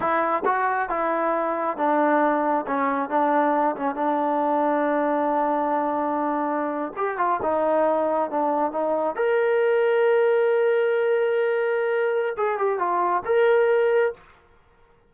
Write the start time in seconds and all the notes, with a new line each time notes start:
0.00 E4
0.45 F#4
0.89 E4
1.77 D4
2.67 C#4
3.09 D4
3.76 C#4
3.95 D4
6.96 G4
7.17 F4
7.42 D#4
8.30 D4
8.71 D#4
9.15 A#4
12.37 G#4
12.58 G4
12.78 F4
13.25 A#4